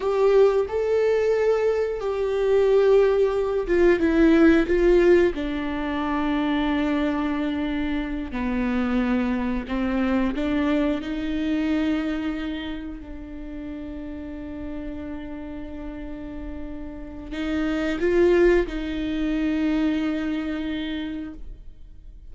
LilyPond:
\new Staff \with { instrumentName = "viola" } { \time 4/4 \tempo 4 = 90 g'4 a'2 g'4~ | g'4. f'8 e'4 f'4 | d'1~ | d'8 b2 c'4 d'8~ |
d'8 dis'2. d'8~ | d'1~ | d'2 dis'4 f'4 | dis'1 | }